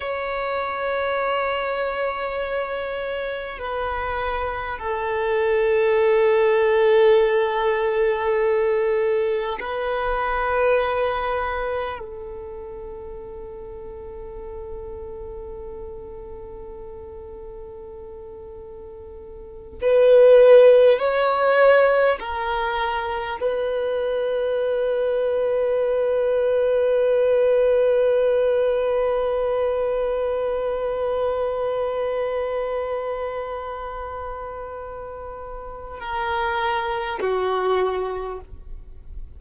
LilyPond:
\new Staff \with { instrumentName = "violin" } { \time 4/4 \tempo 4 = 50 cis''2. b'4 | a'1 | b'2 a'2~ | a'1~ |
a'8 b'4 cis''4 ais'4 b'8~ | b'1~ | b'1~ | b'2 ais'4 fis'4 | }